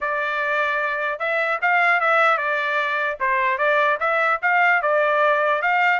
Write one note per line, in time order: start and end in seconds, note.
0.00 1.19 D5
1.19 1.59 E5
1.61 2.00 F5
2.00 2.37 E5
2.37 3.17 D5
3.19 3.58 C5
3.58 3.98 D5
3.99 4.39 E5
4.42 4.81 F5
4.81 5.61 D5
5.61 5.99 F5